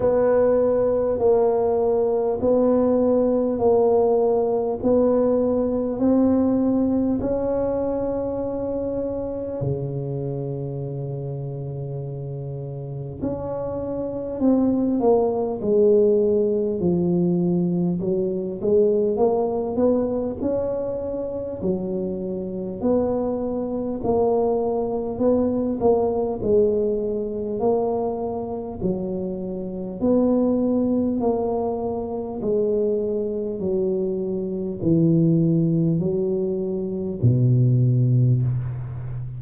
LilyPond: \new Staff \with { instrumentName = "tuba" } { \time 4/4 \tempo 4 = 50 b4 ais4 b4 ais4 | b4 c'4 cis'2 | cis2. cis'4 | c'8 ais8 gis4 f4 fis8 gis8 |
ais8 b8 cis'4 fis4 b4 | ais4 b8 ais8 gis4 ais4 | fis4 b4 ais4 gis4 | fis4 e4 fis4 b,4 | }